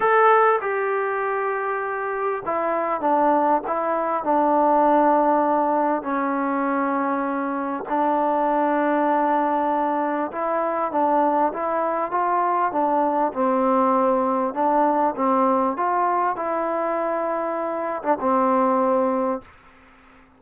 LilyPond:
\new Staff \with { instrumentName = "trombone" } { \time 4/4 \tempo 4 = 99 a'4 g'2. | e'4 d'4 e'4 d'4~ | d'2 cis'2~ | cis'4 d'2.~ |
d'4 e'4 d'4 e'4 | f'4 d'4 c'2 | d'4 c'4 f'4 e'4~ | e'4.~ e'16 d'16 c'2 | }